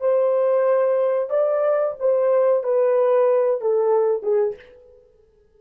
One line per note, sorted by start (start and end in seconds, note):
0.00 1.30 C5
1.30 1.95 D5
1.99 2.63 C5
2.63 3.61 B4
3.61 4.23 A4
4.23 4.55 G#4